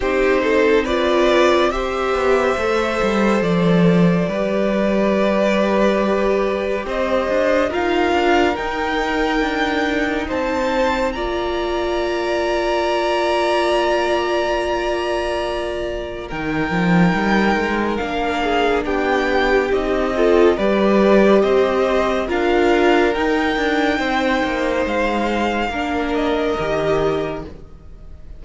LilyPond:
<<
  \new Staff \with { instrumentName = "violin" } { \time 4/4 \tempo 4 = 70 c''4 d''4 e''2 | d''1 | dis''4 f''4 g''2 | a''4 ais''2.~ |
ais''2. g''4~ | g''4 f''4 g''4 dis''4 | d''4 dis''4 f''4 g''4~ | g''4 f''4. dis''4. | }
  \new Staff \with { instrumentName = "violin" } { \time 4/4 g'8 a'8 b'4 c''2~ | c''4 b'2. | c''4 ais'2. | c''4 d''2.~ |
d''2. ais'4~ | ais'4. gis'8 g'4. a'8 | b'4 c''4 ais'2 | c''2 ais'2 | }
  \new Staff \with { instrumentName = "viola" } { \time 4/4 dis'4 f'4 g'4 a'4~ | a'4 g'2.~ | g'4 f'4 dis'2~ | dis'4 f'2.~ |
f'2. dis'4~ | dis'4 d'2 dis'8 f'8 | g'2 f'4 dis'4~ | dis'2 d'4 g'4 | }
  \new Staff \with { instrumentName = "cello" } { \time 4/4 c'2~ c'8 b8 a8 g8 | f4 g2. | c'8 d'8 dis'8 d'8 dis'4 d'4 | c'4 ais2.~ |
ais2. dis8 f8 | g8 gis8 ais4 b4 c'4 | g4 c'4 d'4 dis'8 d'8 | c'8 ais8 gis4 ais4 dis4 | }
>>